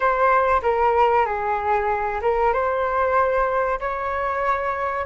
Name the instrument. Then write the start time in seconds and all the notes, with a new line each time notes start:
flute
0.00 C5
0.62 A#4
1.25 G#4
2.21 A#4
2.53 C5
3.80 C#5